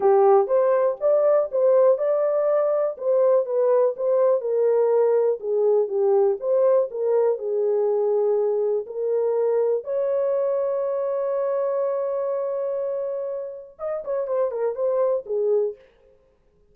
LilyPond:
\new Staff \with { instrumentName = "horn" } { \time 4/4 \tempo 4 = 122 g'4 c''4 d''4 c''4 | d''2 c''4 b'4 | c''4 ais'2 gis'4 | g'4 c''4 ais'4 gis'4~ |
gis'2 ais'2 | cis''1~ | cis''1 | dis''8 cis''8 c''8 ais'8 c''4 gis'4 | }